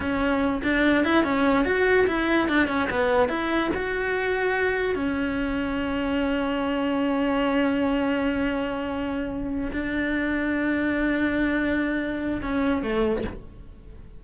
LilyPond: \new Staff \with { instrumentName = "cello" } { \time 4/4 \tempo 4 = 145 cis'4. d'4 e'8 cis'4 | fis'4 e'4 d'8 cis'8 b4 | e'4 fis'2. | cis'1~ |
cis'1~ | cis'2.~ cis'8 d'8~ | d'1~ | d'2 cis'4 a4 | }